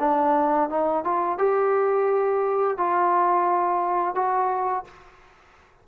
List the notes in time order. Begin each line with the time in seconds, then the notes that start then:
0.00 D4
0.70 D#4
1.05 F4
1.39 G4
2.78 F4
4.15 F#4